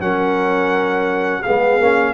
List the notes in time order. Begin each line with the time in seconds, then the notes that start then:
0.00 F#3 C#4 A#4 F#5
1.42 B3 G#4 F5
1.48 G#3
1.79 A#3 C#4